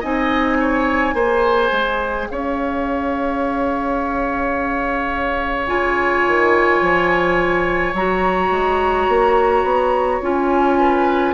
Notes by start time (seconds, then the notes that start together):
0.00 C4 D#4 D#5 G#5
0.60 C#5
1.14 A#3 G#4 C5
1.71 G#3
2.29 C#4 C#5 F5
5.67 C#3 F4 G#5
6.27 D#3
6.81 F3
7.93 F#3 F#4 A#5
8.51 G#3
9.08 A#3
9.63 B3
10.22 C#4 F4 G#5
10.79 B4